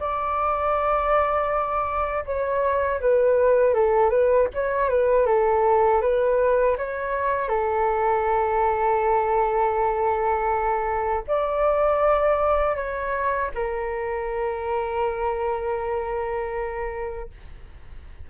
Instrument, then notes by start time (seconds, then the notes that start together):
flute
0.00 D5
2.26 C#5
3.01 B4
3.74 A4
4.10 B4
4.54 C#5
4.90 B4
5.27 A4
6.02 B4
6.78 C#5
7.49 A4
11.28 D5
12.76 C#5
13.55 A#4